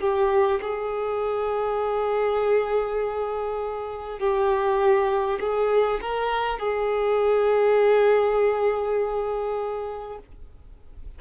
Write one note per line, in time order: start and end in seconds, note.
0.00 0.60 G4
0.61 4.19 G#4
4.19 5.39 G4
5.40 6.00 G#4
6.01 6.58 A#4
6.58 10.18 G#4